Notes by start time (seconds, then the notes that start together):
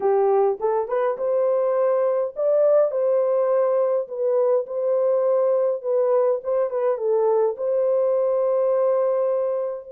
0.00 G4
0.60 A4
0.88 B4
1.17 C5
2.36 D5
2.91 C5
4.08 B4
4.66 C5
5.81 B4
6.43 C5
6.70 B4
6.97 A4
7.57 C5